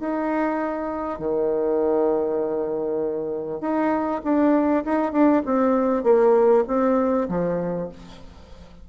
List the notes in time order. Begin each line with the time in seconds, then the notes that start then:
0.00 D#4
1.19 D#3
3.61 D#4
4.24 D4
4.85 D#4
5.12 D4
5.45 C4
6.03 A#3
6.67 C4
7.29 F3